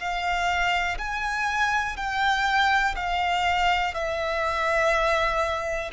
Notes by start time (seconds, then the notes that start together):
0.00 F5
0.99 G#5
1.97 G5
2.96 F5
3.95 E5